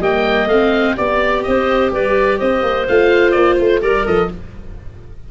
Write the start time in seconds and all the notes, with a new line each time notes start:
0.00 G3 A#3 D#5 G5
0.46 A3 C4 F5
0.97 B3 G4 D5
1.43 C4 C5 D#5
1.91 G3 B4 D5
2.38 C4 C5 D#5
2.62 A#3
2.87 A3 F4 F5
3.31 A#3 D5
3.56 A3 C5
3.81 G3 A#4 D5
4.05 F3 A4 D#5